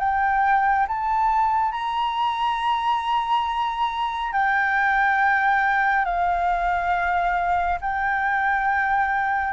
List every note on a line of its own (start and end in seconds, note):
0.00 0.87 G5
0.88 1.72 A5
1.72 4.33 A#5
4.33 6.05 G5
6.05 7.79 F5
7.81 9.54 G5